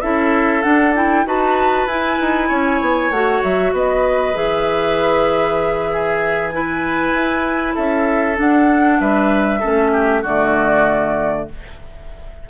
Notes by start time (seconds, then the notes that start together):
0.00 C#4 E4 A4 E5
0.62 D4 F#5
0.94 E4 G5
1.25 D#4 F#4 B4 A5
1.86 E4 G#5
2.20 D#4
2.48 C#4 C#5
2.81 B3
3.10 A3 F#4 F#5
3.43 F#3 E5
3.72 B3 B4 D#5
4.33 E3 G#4 E5
5.92 G#4
6.49 E4 B4 G#5
7.13 E4
7.74 C#4 A4 E5
8.36 D4 F#5
9.00 G3 B4 E5
9.60 A3 C#4 A4
9.92 G4
10.22 D3 A3 F#4 D5